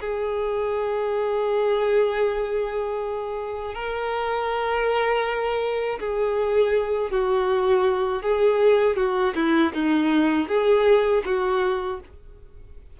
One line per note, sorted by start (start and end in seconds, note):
0.00 3.74 G#4
3.74 5.99 A#4
5.99 7.11 G#4
7.11 8.22 F#4
8.22 8.96 G#4
8.96 9.34 F#4
9.35 9.73 E4
9.73 10.48 D#4
10.48 11.23 G#4
11.25 12.00 F#4